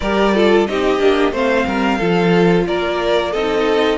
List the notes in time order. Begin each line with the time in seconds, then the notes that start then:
0.00 G3 G4 A#4 D5
0.34 F4 A4
0.67 C4 D#4 G4 D#5
0.98 A#3 D4
1.31 A3 C4 C5 F5
1.66 G3 A#4
1.97 F3 F4 A4
2.67 A#3 A#4 D5
3.31 C4 D#4 A4 D#5